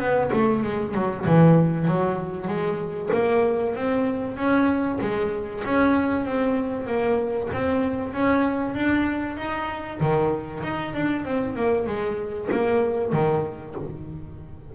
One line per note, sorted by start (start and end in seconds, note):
0.00 0.31 B3
0.33 0.64 A3
0.64 0.95 G#3
0.95 1.26 F#3
1.26 1.88 E3
1.88 2.48 F#3
2.48 3.10 G#3
3.13 3.76 A#3
3.76 4.37 C4
4.37 4.99 C#4
5.01 5.64 G#3
5.65 6.26 C#4
6.26 6.87 C4
6.87 7.49 A#3
7.53 8.14 C4
8.14 8.75 C#4
8.75 9.38 D4
9.38 10.00 D#4
10.01 10.63 D#3
10.63 10.95 D#4
10.95 11.26 D4
11.26 11.56 C4
11.56 11.87 A#3
11.87 12.49 G#3
12.52 13.13 A#3
13.13 13.76 D#3